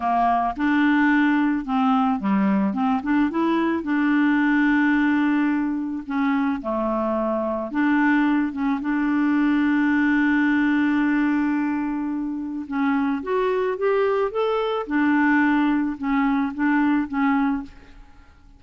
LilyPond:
\new Staff \with { instrumentName = "clarinet" } { \time 4/4 \tempo 4 = 109 ais4 d'2 c'4 | g4 c'8 d'8 e'4 d'4~ | d'2. cis'4 | a2 d'4. cis'8 |
d'1~ | d'2. cis'4 | fis'4 g'4 a'4 d'4~ | d'4 cis'4 d'4 cis'4 | }